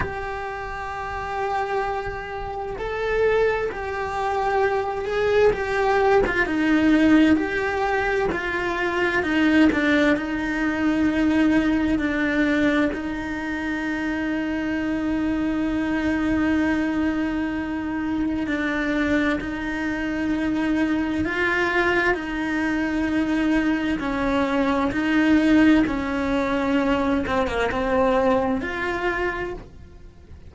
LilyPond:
\new Staff \with { instrumentName = "cello" } { \time 4/4 \tempo 4 = 65 g'2. a'4 | g'4. gis'8 g'8. f'16 dis'4 | g'4 f'4 dis'8 d'8 dis'4~ | dis'4 d'4 dis'2~ |
dis'1 | d'4 dis'2 f'4 | dis'2 cis'4 dis'4 | cis'4. c'16 ais16 c'4 f'4 | }